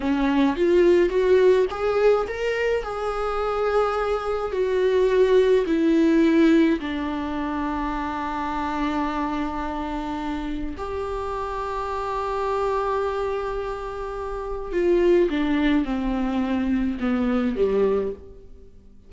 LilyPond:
\new Staff \with { instrumentName = "viola" } { \time 4/4 \tempo 4 = 106 cis'4 f'4 fis'4 gis'4 | ais'4 gis'2. | fis'2 e'2 | d'1~ |
d'2. g'4~ | g'1~ | g'2 f'4 d'4 | c'2 b4 g4 | }